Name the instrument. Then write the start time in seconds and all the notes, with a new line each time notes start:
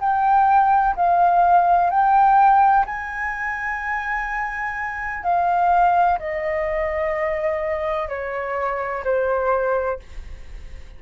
flute
0.00 G5
0.96 F5
1.90 G5
2.86 G#5
5.23 F5
6.19 D#5
8.09 C#5
9.04 C5